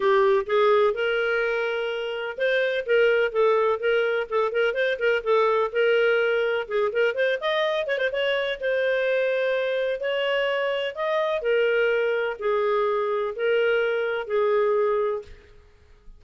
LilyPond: \new Staff \with { instrumentName = "clarinet" } { \time 4/4 \tempo 4 = 126 g'4 gis'4 ais'2~ | ais'4 c''4 ais'4 a'4 | ais'4 a'8 ais'8 c''8 ais'8 a'4 | ais'2 gis'8 ais'8 c''8 dis''8~ |
dis''8 cis''16 c''16 cis''4 c''2~ | c''4 cis''2 dis''4 | ais'2 gis'2 | ais'2 gis'2 | }